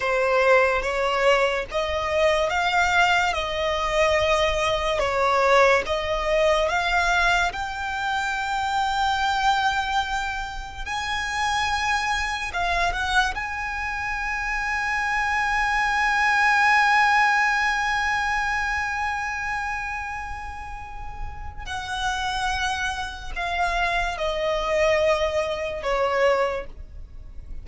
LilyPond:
\new Staff \with { instrumentName = "violin" } { \time 4/4 \tempo 4 = 72 c''4 cis''4 dis''4 f''4 | dis''2 cis''4 dis''4 | f''4 g''2.~ | g''4 gis''2 f''8 fis''8 |
gis''1~ | gis''1~ | gis''2 fis''2 | f''4 dis''2 cis''4 | }